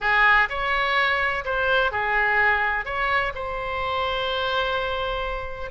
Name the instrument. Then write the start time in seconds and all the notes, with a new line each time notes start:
oboe
0.01 G#4
0.49 C#5
1.44 C5
1.91 G#4
2.85 C#5
3.34 C5